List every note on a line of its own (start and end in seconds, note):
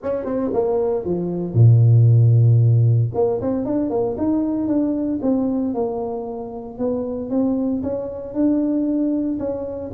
0.02 0.25 C#4
0.25 0.51 C4
0.53 1.04 A#3
1.04 1.54 F3
1.54 3.10 A#2
3.14 3.40 A#3
3.41 3.65 C4
3.65 3.89 D4
3.89 4.15 A#3
4.17 4.67 D#4
4.67 5.19 D4
5.22 5.74 C4
5.74 6.78 A#3
6.78 7.30 B3
7.30 7.82 C4
7.82 8.34 C#4
8.34 9.38 D4
9.39 9.91 C#4